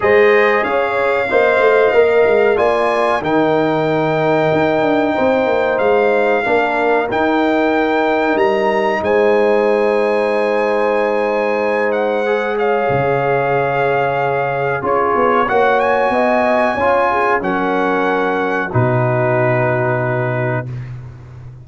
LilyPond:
<<
  \new Staff \with { instrumentName = "trumpet" } { \time 4/4 \tempo 4 = 93 dis''4 f''2. | gis''4 g''2.~ | g''4 f''2 g''4~ | g''4 ais''4 gis''2~ |
gis''2~ gis''8 fis''4 f''8~ | f''2. cis''4 | fis''8 gis''2~ gis''8 fis''4~ | fis''4 b'2. | }
  \new Staff \with { instrumentName = "horn" } { \time 4/4 c''4 cis''4 dis''2 | d''4 ais'2. | c''2 ais'2~ | ais'2 c''2~ |
c''2.~ c''8 cis''8~ | cis''2. gis'4 | cis''4 dis''4 cis''8 gis'8 ais'4~ | ais'4 fis'2. | }
  \new Staff \with { instrumentName = "trombone" } { \time 4/4 gis'2 c''4 ais'4 | f'4 dis'2.~ | dis'2 d'4 dis'4~ | dis'1~ |
dis'2. gis'4~ | gis'2. f'4 | fis'2 f'4 cis'4~ | cis'4 dis'2. | }
  \new Staff \with { instrumentName = "tuba" } { \time 4/4 gis4 cis'4 ais8 a8 ais8 gis8 | ais4 dis2 dis'8 d'8 | c'8 ais8 gis4 ais4 dis'4~ | dis'4 g4 gis2~ |
gis1 | cis2. cis'8 b8 | ais4 b4 cis'4 fis4~ | fis4 b,2. | }
>>